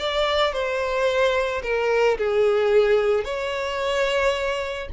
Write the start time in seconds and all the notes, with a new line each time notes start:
0.00 D5
0.53 C5
1.63 A#4
2.18 G#4
3.25 C#5